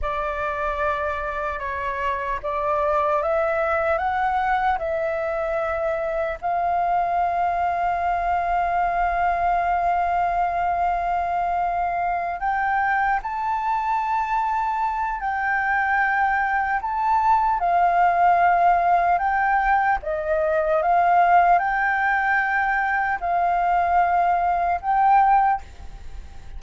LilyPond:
\new Staff \with { instrumentName = "flute" } { \time 4/4 \tempo 4 = 75 d''2 cis''4 d''4 | e''4 fis''4 e''2 | f''1~ | f''2.~ f''8 g''8~ |
g''8 a''2~ a''8 g''4~ | g''4 a''4 f''2 | g''4 dis''4 f''4 g''4~ | g''4 f''2 g''4 | }